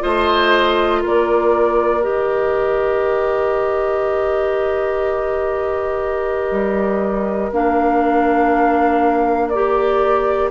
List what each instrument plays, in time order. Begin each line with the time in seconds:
0.00 bassoon A3, clarinet F4, oboe C5, flute D#5
1.02 bassoon A#3, oboe A#4, flute D5
2.02 bassoon D#3, clarinet G4, flute D#5
6.51 bassoon G3
7.52 bassoon A#3, clarinet D4, flute F5
9.49 clarinet G4, flute D5